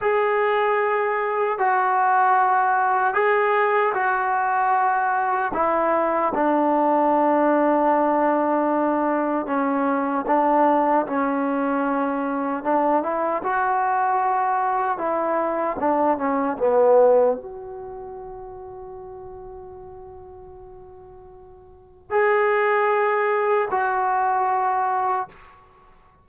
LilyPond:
\new Staff \with { instrumentName = "trombone" } { \time 4/4 \tempo 4 = 76 gis'2 fis'2 | gis'4 fis'2 e'4 | d'1 | cis'4 d'4 cis'2 |
d'8 e'8 fis'2 e'4 | d'8 cis'8 b4 fis'2~ | fis'1 | gis'2 fis'2 | }